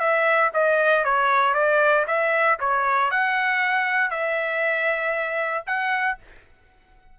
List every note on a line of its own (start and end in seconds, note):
0.00 0.51 E5
0.54 1.05 D#5
1.05 1.55 C#5
1.55 2.06 D5
2.08 2.59 E5
2.60 3.11 C#5
3.11 4.11 F#5
4.11 5.65 E5
5.67 6.18 F#5